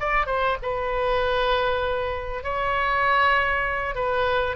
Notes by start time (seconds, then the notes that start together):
0.00 D5
0.26 C5
0.62 B4
2.44 C#5
3.95 B4